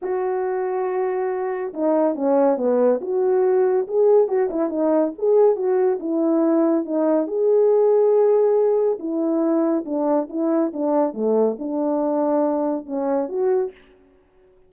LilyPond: \new Staff \with { instrumentName = "horn" } { \time 4/4 \tempo 4 = 140 fis'1 | dis'4 cis'4 b4 fis'4~ | fis'4 gis'4 fis'8 e'8 dis'4 | gis'4 fis'4 e'2 |
dis'4 gis'2.~ | gis'4 e'2 d'4 | e'4 d'4 a4 d'4~ | d'2 cis'4 fis'4 | }